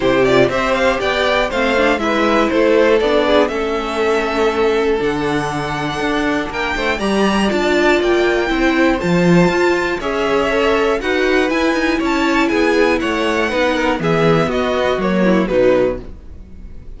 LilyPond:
<<
  \new Staff \with { instrumentName = "violin" } { \time 4/4 \tempo 4 = 120 c''8 d''8 e''8 f''8 g''4 f''4 | e''4 c''4 d''4 e''4~ | e''2 fis''2~ | fis''4 g''4 ais''4 a''4 |
g''2 a''2 | e''2 fis''4 gis''4 | a''4 gis''4 fis''2 | e''4 dis''4 cis''4 b'4 | }
  \new Staff \with { instrumentName = "violin" } { \time 4/4 g'4 c''4 d''4 c''4 | b'4 a'4. gis'8 a'4~ | a'1~ | a'4 ais'8 c''8 d''2~ |
d''4 c''2. | cis''2 b'2 | cis''4 gis'4 cis''4 b'8 ais'8 | gis'4 fis'4. e'8 dis'4 | }
  \new Staff \with { instrumentName = "viola" } { \time 4/4 e'8 f'8 g'2 c'8 d'8 | e'2 d'4 cis'4~ | cis'2 d'2~ | d'2 g'4 f'4~ |
f'4 e'4 f'2 | gis'4 a'4 fis'4 e'4~ | e'2. dis'4 | b2 ais4 fis4 | }
  \new Staff \with { instrumentName = "cello" } { \time 4/4 c4 c'4 b4 a4 | gis4 a4 b4 a4~ | a2 d2 | d'4 ais8 a8 g4 d'4 |
ais4 c'4 f4 f'4 | cis'2 dis'4 e'8 dis'8 | cis'4 b4 a4 b4 | e4 b4 fis4 b,4 | }
>>